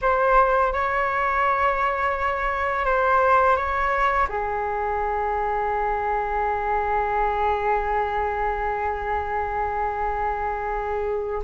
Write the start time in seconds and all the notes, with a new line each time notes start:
0.01 C5
0.72 C#5
2.85 C5
3.56 C#5
4.28 G#4